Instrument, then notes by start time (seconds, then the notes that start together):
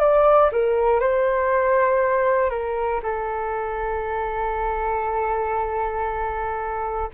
flute
0.00 D5
0.52 A#4
1.00 C5
2.50 A#4
3.03 A4